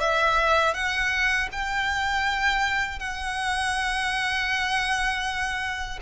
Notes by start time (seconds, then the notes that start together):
0.00 E5
0.74 F#5
1.52 G5
2.99 F#5